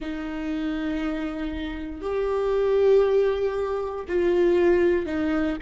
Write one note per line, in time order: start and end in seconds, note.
0.00 2.01 D#4
2.01 4.04 G4
4.07 5.06 F4
5.06 5.57 D#4